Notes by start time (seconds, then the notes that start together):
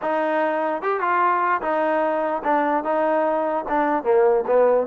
0.02 D#4
0.82 G4
1.00 F4
1.61 D#4
2.43 D4
2.83 D#4
3.68 D4
4.03 A#3
4.46 B3